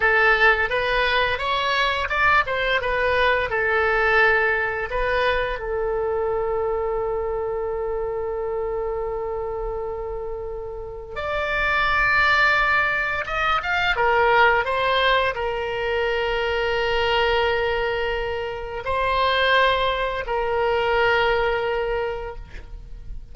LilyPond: \new Staff \with { instrumentName = "oboe" } { \time 4/4 \tempo 4 = 86 a'4 b'4 cis''4 d''8 c''8 | b'4 a'2 b'4 | a'1~ | a'1 |
d''2. dis''8 f''8 | ais'4 c''4 ais'2~ | ais'2. c''4~ | c''4 ais'2. | }